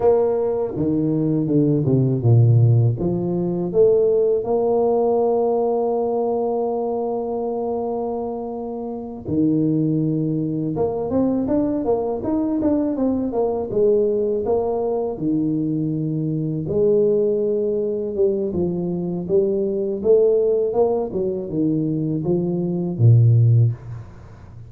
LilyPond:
\new Staff \with { instrumentName = "tuba" } { \time 4/4 \tempo 4 = 81 ais4 dis4 d8 c8 ais,4 | f4 a4 ais2~ | ais1~ | ais8 dis2 ais8 c'8 d'8 |
ais8 dis'8 d'8 c'8 ais8 gis4 ais8~ | ais8 dis2 gis4.~ | gis8 g8 f4 g4 a4 | ais8 fis8 dis4 f4 ais,4 | }